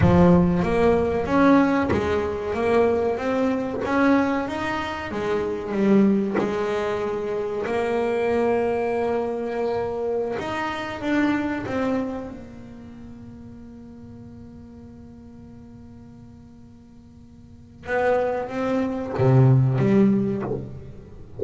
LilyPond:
\new Staff \with { instrumentName = "double bass" } { \time 4/4 \tempo 4 = 94 f4 ais4 cis'4 gis4 | ais4 c'4 cis'4 dis'4 | gis4 g4 gis2 | ais1~ |
ais16 dis'4 d'4 c'4 ais8.~ | ais1~ | ais1 | b4 c'4 c4 g4 | }